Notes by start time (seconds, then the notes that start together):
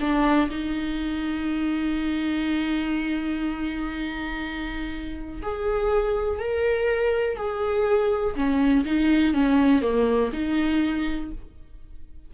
0.00 D4
0.50 D#4
5.42 G#4
6.39 A#4
7.37 G#4
8.36 C#4
8.85 D#4
9.34 C#4
9.82 A#3
10.33 D#4